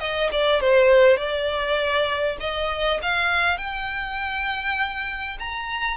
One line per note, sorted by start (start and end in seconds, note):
0.00 0.30 D#5
0.32 0.61 D5
0.61 1.17 C5
1.17 2.37 D5
2.41 3.01 D#5
3.03 3.58 F5
3.58 5.38 G5
5.40 5.97 A#5